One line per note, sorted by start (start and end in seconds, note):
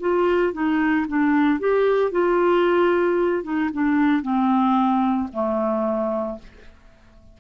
0.00 0.53 F4
0.53 1.06 D#4
1.08 1.59 D4
1.59 2.11 G4
2.11 3.43 F4
3.43 3.70 D#4
3.73 4.22 D4
4.22 5.28 C4
5.32 6.39 A3